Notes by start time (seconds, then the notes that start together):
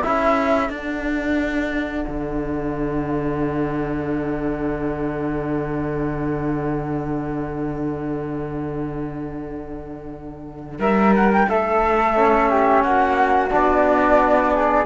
0.00 E4 A4 E5
0.06 C#4
0.69 D4 F#5
2.08 D3
10.79 G3 A#4 E5
11.15 F#5
11.33 G5
11.49 A3 A4 E5
12.16 C#4
12.50 G4
12.83 A#3 F#4 F#5
13.50 B3 D4 D5
14.53 G#4